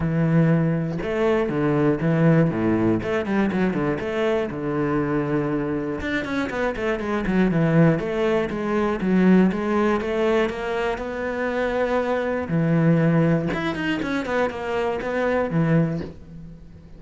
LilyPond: \new Staff \with { instrumentName = "cello" } { \time 4/4 \tempo 4 = 120 e2 a4 d4 | e4 a,4 a8 g8 fis8 d8 | a4 d2. | d'8 cis'8 b8 a8 gis8 fis8 e4 |
a4 gis4 fis4 gis4 | a4 ais4 b2~ | b4 e2 e'8 dis'8 | cis'8 b8 ais4 b4 e4 | }